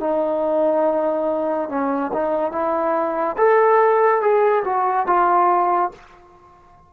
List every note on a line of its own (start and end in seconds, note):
0.00 1.69 D#4
1.69 2.11 C#4
2.13 2.52 D#4
2.52 3.36 E4
3.37 4.21 A4
4.21 4.63 G#4
4.65 5.07 F#4
5.07 5.91 F4